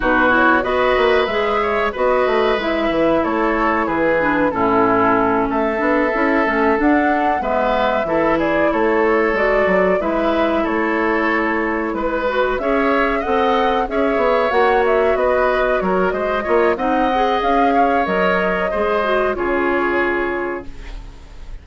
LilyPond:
<<
  \new Staff \with { instrumentName = "flute" } { \time 4/4 \tempo 4 = 93 b'8 cis''8 dis''4 e''4 dis''4 | e''4 cis''4 b'4 a'4~ | a'8 e''2 fis''4 e''8~ | e''4 d''8 cis''4 d''4 e''8~ |
e''8 cis''2 b'4 e''8~ | e''8 fis''4 e''4 fis''8 e''8 dis''8~ | dis''8 cis''8 dis''4 fis''4 f''4 | dis''2 cis''2 | }
  \new Staff \with { instrumentName = "oboe" } { \time 4/4 fis'4 b'4. cis''8 b'4~ | b'4 a'4 gis'4 e'4~ | e'8 a'2. b'8~ | b'8 a'8 gis'8 a'2 b'8~ |
b'8 a'2 b'4 cis''8~ | cis''8 dis''4 cis''2 b'8~ | b'8 ais'8 c''8 cis''8 dis''4. cis''8~ | cis''4 c''4 gis'2 | }
  \new Staff \with { instrumentName = "clarinet" } { \time 4/4 dis'8 e'8 fis'4 gis'4 fis'4 | e'2~ e'8 d'8 cis'4~ | cis'4 d'8 e'8 cis'8 d'4 b8~ | b8 e'2 fis'4 e'8~ |
e'2. fis'8 gis'8~ | gis'8 a'4 gis'4 fis'4.~ | fis'4. f'8 dis'8 gis'4. | ais'4 gis'8 fis'8 f'2 | }
  \new Staff \with { instrumentName = "bassoon" } { \time 4/4 b,4 b8 ais8 gis4 b8 a8 | gis8 e8 a4 e4 a,4~ | a,8 a8 b8 cis'8 a8 d'4 gis8~ | gis8 e4 a4 gis8 fis8 gis8~ |
gis8 a2 gis4 cis'8~ | cis'8 c'4 cis'8 b8 ais4 b8~ | b8 fis8 gis8 ais8 c'4 cis'4 | fis4 gis4 cis2 | }
>>